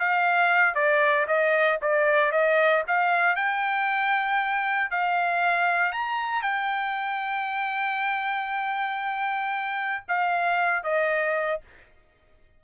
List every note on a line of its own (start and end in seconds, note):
0.00 0.75 F5
0.75 1.27 D5
1.28 1.80 D#5
1.82 2.32 D5
2.32 2.84 D#5
2.88 3.36 F5
3.36 4.91 G5
4.91 5.93 F5
5.93 6.43 A#5
6.43 10.05 G5
10.09 10.84 F5
10.84 11.61 D#5